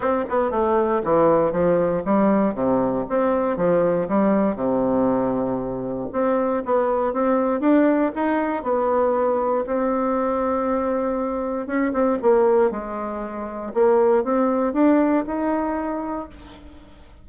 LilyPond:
\new Staff \with { instrumentName = "bassoon" } { \time 4/4 \tempo 4 = 118 c'8 b8 a4 e4 f4 | g4 c4 c'4 f4 | g4 c2. | c'4 b4 c'4 d'4 |
dis'4 b2 c'4~ | c'2. cis'8 c'8 | ais4 gis2 ais4 | c'4 d'4 dis'2 | }